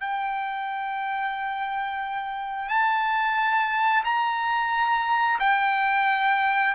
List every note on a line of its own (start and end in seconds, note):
0.00 2.69 G5
2.69 4.04 A5
4.04 5.39 A#5
5.40 6.74 G5